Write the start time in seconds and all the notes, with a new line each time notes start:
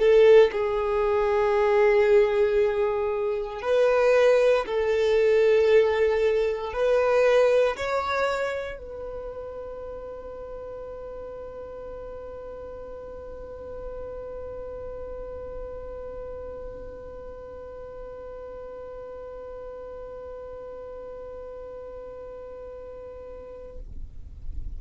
0.00 A4
0.52 G#4
3.63 B4
4.66 A4
6.73 B4
7.77 C#5
8.78 B4